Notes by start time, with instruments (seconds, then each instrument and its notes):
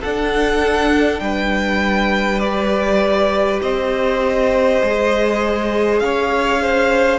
0.00 cello D4, viola D4, violin A4 F#5
1.20 cello G3, violin B4 G5
2.39 viola G4, violin D5
3.62 cello C4, violin C5 D#5
4.82 cello G#3, viola G#4
5.99 cello C#4, violin C#5 F5
6.62 violin C5